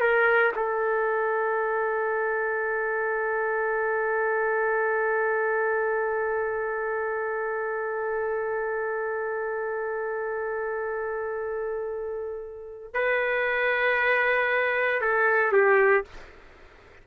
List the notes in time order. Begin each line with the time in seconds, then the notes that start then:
0.00 A#4
0.55 A4
12.94 B4
15.01 A4
15.52 G4